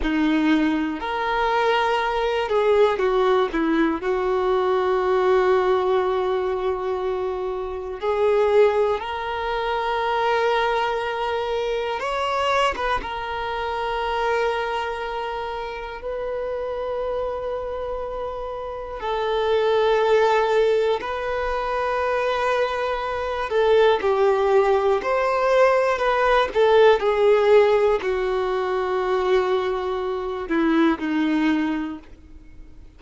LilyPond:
\new Staff \with { instrumentName = "violin" } { \time 4/4 \tempo 4 = 60 dis'4 ais'4. gis'8 fis'8 e'8 | fis'1 | gis'4 ais'2. | cis''8. b'16 ais'2. |
b'2. a'4~ | a'4 b'2~ b'8 a'8 | g'4 c''4 b'8 a'8 gis'4 | fis'2~ fis'8 e'8 dis'4 | }